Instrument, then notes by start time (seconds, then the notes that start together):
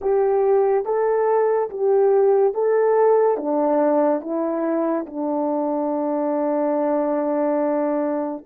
horn
0.01 G4
0.85 A4
1.70 G4
2.54 A4
3.36 D4
4.21 E4
5.06 D4